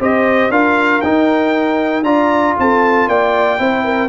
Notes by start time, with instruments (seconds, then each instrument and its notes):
0.00 tuba C4, trombone G4, horn C5, trumpet D#5
0.50 tuba D4, trombone F4, horn A#4, trumpet F5
1.01 tuba D#4, trombone D#4, trumpet G5
2.03 tuba D4, trombone F4, horn D5, trumpet A#5
2.58 tuba C4, horn A4, trumpet A5
3.07 tuba A#3, horn D5, trumpet G5
3.58 tuba C4, trombone E4, horn C5
3.84 horn A#4